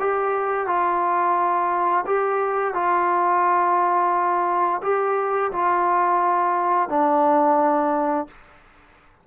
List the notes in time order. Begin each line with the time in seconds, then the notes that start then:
0.00 G4
0.67 F4
2.07 G4
2.74 F4
4.83 G4
5.52 F4
6.90 D4